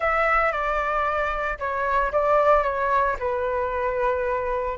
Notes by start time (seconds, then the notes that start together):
0.00 E5
0.52 D5
1.58 C#5
2.12 D5
2.63 C#5
3.19 B4